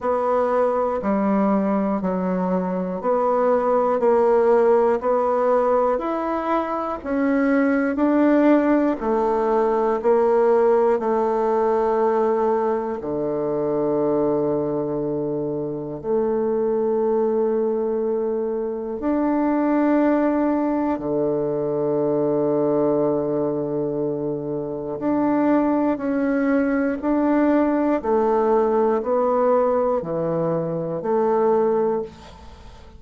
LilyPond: \new Staff \with { instrumentName = "bassoon" } { \time 4/4 \tempo 4 = 60 b4 g4 fis4 b4 | ais4 b4 e'4 cis'4 | d'4 a4 ais4 a4~ | a4 d2. |
a2. d'4~ | d'4 d2.~ | d4 d'4 cis'4 d'4 | a4 b4 e4 a4 | }